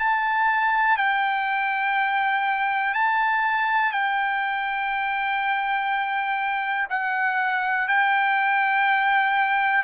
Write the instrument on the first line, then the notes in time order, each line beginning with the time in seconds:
trumpet
0.00 A5
0.97 G5
2.95 A5
3.93 G5
6.90 F#5
7.89 G5